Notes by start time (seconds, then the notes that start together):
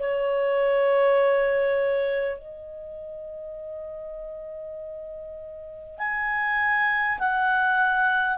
0.00 C#5
2.39 D#5
5.99 G#5
7.19 F#5